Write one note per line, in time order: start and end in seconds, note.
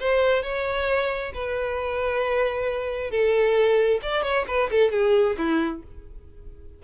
0.00 0.43 C5
0.43 1.32 C#5
1.34 3.11 B4
3.11 4.01 A4
4.03 4.23 D5
4.23 4.45 C#5
4.48 4.70 B4
4.71 4.92 A4
4.92 5.36 G#4
5.38 5.82 E4